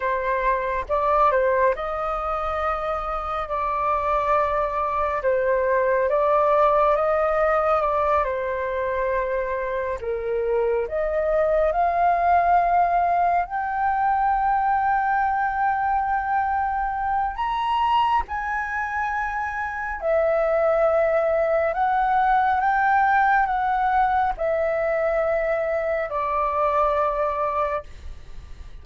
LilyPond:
\new Staff \with { instrumentName = "flute" } { \time 4/4 \tempo 4 = 69 c''4 d''8 c''8 dis''2 | d''2 c''4 d''4 | dis''4 d''8 c''2 ais'8~ | ais'8 dis''4 f''2 g''8~ |
g''1 | ais''4 gis''2 e''4~ | e''4 fis''4 g''4 fis''4 | e''2 d''2 | }